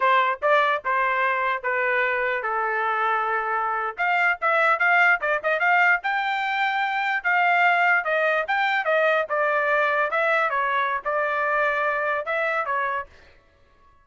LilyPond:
\new Staff \with { instrumentName = "trumpet" } { \time 4/4 \tempo 4 = 147 c''4 d''4 c''2 | b'2 a'2~ | a'4.~ a'16 f''4 e''4 f''16~ | f''8. d''8 dis''8 f''4 g''4~ g''16~ |
g''4.~ g''16 f''2 dis''16~ | dis''8. g''4 dis''4 d''4~ d''16~ | d''8. e''4 cis''4~ cis''16 d''4~ | d''2 e''4 cis''4 | }